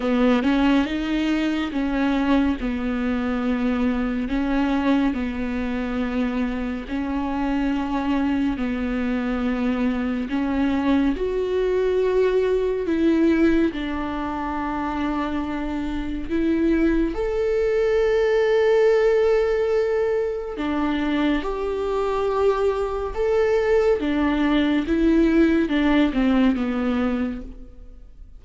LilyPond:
\new Staff \with { instrumentName = "viola" } { \time 4/4 \tempo 4 = 70 b8 cis'8 dis'4 cis'4 b4~ | b4 cis'4 b2 | cis'2 b2 | cis'4 fis'2 e'4 |
d'2. e'4 | a'1 | d'4 g'2 a'4 | d'4 e'4 d'8 c'8 b4 | }